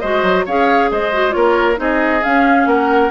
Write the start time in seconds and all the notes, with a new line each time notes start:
0.00 G#3 F#4 C5 D#5
0.22 F#3
0.45 C#4 G#4 C#5 F5
0.91 G#3 C5 D#5
1.13 F#4
1.31 A#3 F4 A#4 C#5
1.76 C4 D#4 G#4 D#5
2.23 C#4 F5
2.66 A#3 A#4 F#5